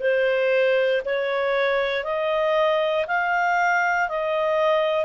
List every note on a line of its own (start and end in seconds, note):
0.00 1.02 C5
1.05 2.04 C#5
2.04 3.06 D#5
3.07 4.09 F5
4.09 5.05 D#5